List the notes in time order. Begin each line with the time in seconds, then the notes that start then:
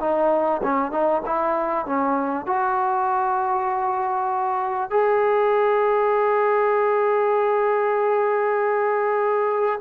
0.00 D#4
0.63 C#4
0.91 D#4
1.26 E4
1.86 C#4
2.46 F#4
4.90 G#4